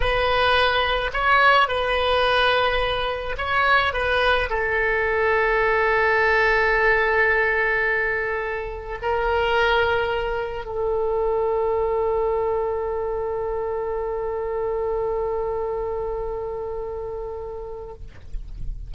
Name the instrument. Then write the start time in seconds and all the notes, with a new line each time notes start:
oboe
0.00 B4
1.13 C#5
1.67 B4
3.37 C#5
3.93 B4
4.49 A4
9.01 A#4
10.65 A4